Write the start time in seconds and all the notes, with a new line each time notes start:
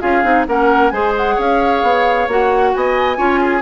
0.00 C#4 F4 G#4 F5
0.23 C4 D#4
0.47 A#3 C#4 A#4 F#5
0.89 G#3 G#4 C5 G#5
1.17 F#5
1.35 C#4 C#5 F5
1.82 B3
2.27 A#3 F#4 F#5
2.74 B3 D#5 G#5
3.16 C#4 F4 C#5
3.40 G#4